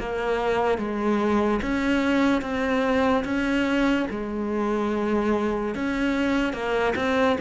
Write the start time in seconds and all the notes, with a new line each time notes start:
0.00 A#3
0.78 G#3
1.63 C#4
2.42 C4
3.25 C#4
4.11 G#3
5.75 C#4
6.53 A#3
6.96 C4